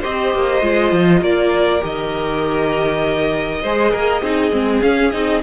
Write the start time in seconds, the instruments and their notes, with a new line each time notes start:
0.00 cello C4, viola G4, violin C5 D#5
0.35 cello A#3
0.62 cello G#3, viola F4
0.93 cello F3
1.22 cello A#3, violin A#4 D5
1.81 cello D#3, viola G4, violin D#5
3.62 cello G#3, viola G#4, violin C5
3.92 cello A#3, violin A#4
4.22 cello C4, viola D#4, violin G#4
4.52 cello G#3, viola C4
4.82 viola C#4, cello C#4, violin F5
5.12 cello C4, viola D#4, violin D#5